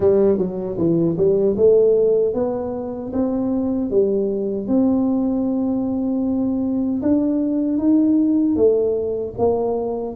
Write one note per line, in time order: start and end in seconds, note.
0.00 0.38 G3
0.38 0.77 F#3
0.78 1.17 E3
1.17 1.56 G3
1.57 2.34 A3
2.34 3.12 B3
3.12 3.90 C4
3.90 4.68 G3
4.68 7.01 C4
7.02 7.78 D4
7.78 8.55 D#4
8.55 9.33 A3
9.38 10.15 A#3